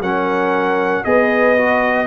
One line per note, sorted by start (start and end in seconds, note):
0.00 1.03 F#3
0.00 1.04 C#4
0.00 1.04 A#4
0.00 1.04 F#5
1.04 2.06 B3
1.04 1.56 G#4
1.04 2.06 B4
1.04 2.06 D#5
1.57 2.06 F#4